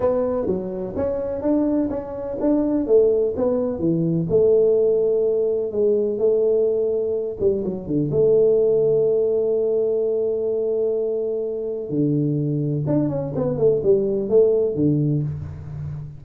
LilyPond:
\new Staff \with { instrumentName = "tuba" } { \time 4/4 \tempo 4 = 126 b4 fis4 cis'4 d'4 | cis'4 d'4 a4 b4 | e4 a2. | gis4 a2~ a8 g8 |
fis8 d8 a2.~ | a1~ | a4 d2 d'8 cis'8 | b8 a8 g4 a4 d4 | }